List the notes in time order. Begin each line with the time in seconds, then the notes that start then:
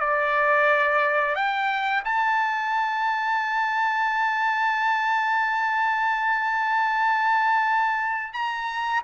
0.00 D5
1.35 G5
2.04 A5
8.33 A#5